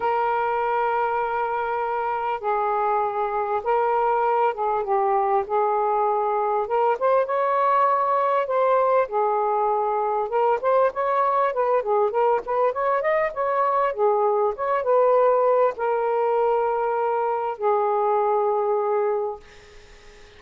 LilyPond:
\new Staff \with { instrumentName = "saxophone" } { \time 4/4 \tempo 4 = 99 ais'1 | gis'2 ais'4. gis'8 | g'4 gis'2 ais'8 c''8 | cis''2 c''4 gis'4~ |
gis'4 ais'8 c''8 cis''4 b'8 gis'8 | ais'8 b'8 cis''8 dis''8 cis''4 gis'4 | cis''8 b'4. ais'2~ | ais'4 gis'2. | }